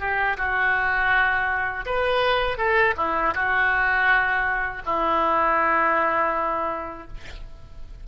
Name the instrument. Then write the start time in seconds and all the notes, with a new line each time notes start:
oboe
0.00 G4
0.37 F#4
1.86 B4
2.58 A4
2.97 E4
3.35 F#4
4.86 E4